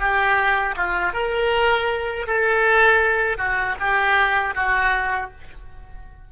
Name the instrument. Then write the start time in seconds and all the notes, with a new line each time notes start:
oboe
0.00 G4
0.77 F4
1.14 A#4
2.28 A4
3.38 F#4
3.80 G4
4.55 F#4